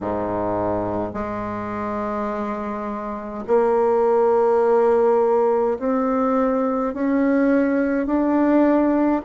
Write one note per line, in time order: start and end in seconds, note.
0.00 1.13 G#2
1.13 3.44 G#3
3.47 5.77 A#3
5.79 6.94 C4
6.94 8.06 C#4
8.06 9.22 D4